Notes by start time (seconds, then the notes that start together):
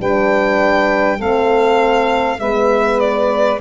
0.00 G3 D4 B4 G5
1.17 A3 C4 A4 F5
2.40 G#3 B3 B4 E5
3.00 D5